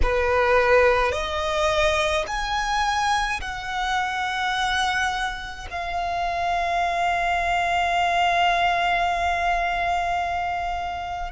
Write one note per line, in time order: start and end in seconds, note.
0.02 1.12 B4
1.12 2.25 D#5
2.27 3.40 G#5
3.41 5.67 F#5
5.70 11.31 F5